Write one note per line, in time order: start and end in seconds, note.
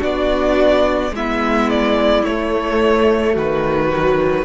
0.00 1.12 B3
0.00 1.12 D4
0.00 1.11 F#4
0.00 1.15 D5
1.12 2.23 G#3
1.12 2.26 B3
1.12 3.32 E4
1.12 1.70 E5
1.70 2.25 D5
2.25 3.90 A3
2.25 3.36 A3
2.25 3.36 C#5
3.32 4.46 D#3
3.32 4.44 F#4
3.32 4.46 B4
3.90 4.46 F#3